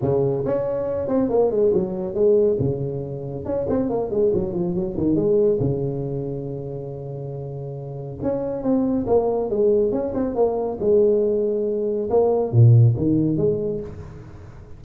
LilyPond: \new Staff \with { instrumentName = "tuba" } { \time 4/4 \tempo 4 = 139 cis4 cis'4. c'8 ais8 gis8 | fis4 gis4 cis2 | cis'8 c'8 ais8 gis8 fis8 f8 fis8 dis8 | gis4 cis2.~ |
cis2. cis'4 | c'4 ais4 gis4 cis'8 c'8 | ais4 gis2. | ais4 ais,4 dis4 gis4 | }